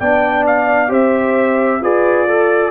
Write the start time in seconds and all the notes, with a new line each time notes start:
0.00 B3 D4 D5 G5
0.47 F5
0.89 C4 G4 C5 E5
1.81 F4 G#4 B4 D5
2.28 A4